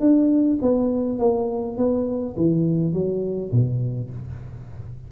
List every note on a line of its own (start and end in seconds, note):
0.00 0.58 D4
0.61 1.19 B3
1.19 1.77 A#3
1.77 2.36 B3
2.36 2.93 E3
2.93 3.51 F#3
3.52 4.10 B2